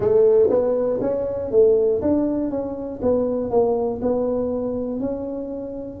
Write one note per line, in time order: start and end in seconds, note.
0.00 0.49 A3
0.50 1.00 B3
1.01 1.51 C#4
1.51 2.01 A3
2.01 2.50 D4
2.50 3.00 C#4
3.01 3.50 B3
3.50 4.00 A#3
4.01 5.00 B3
5.00 6.00 C#4